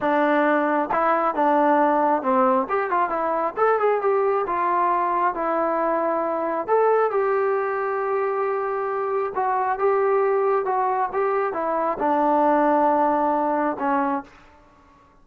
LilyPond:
\new Staff \with { instrumentName = "trombone" } { \time 4/4 \tempo 4 = 135 d'2 e'4 d'4~ | d'4 c'4 g'8 f'8 e'4 | a'8 gis'8 g'4 f'2 | e'2. a'4 |
g'1~ | g'4 fis'4 g'2 | fis'4 g'4 e'4 d'4~ | d'2. cis'4 | }